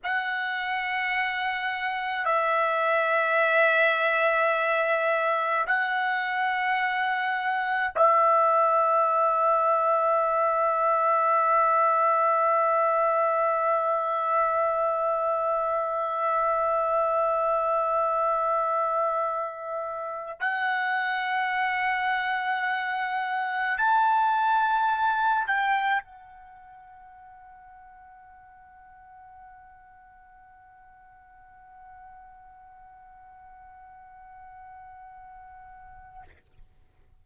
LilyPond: \new Staff \with { instrumentName = "trumpet" } { \time 4/4 \tempo 4 = 53 fis''2 e''2~ | e''4 fis''2 e''4~ | e''1~ | e''1~ |
e''2 fis''2~ | fis''4 a''4. g''8 fis''4~ | fis''1~ | fis''1 | }